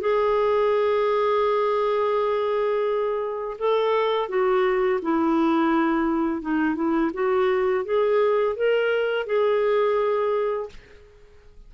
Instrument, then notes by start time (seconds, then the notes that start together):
clarinet
0.00 G#4
3.58 A4
4.28 F#4
5.02 E4
6.41 D#4
6.75 E4
7.13 F#4
7.84 G#4
8.56 A#4
9.26 G#4